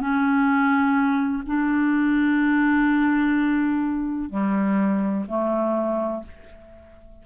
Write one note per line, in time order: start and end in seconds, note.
0.00 1.43 C#4
1.46 4.29 D4
4.29 5.25 G3
5.28 6.23 A3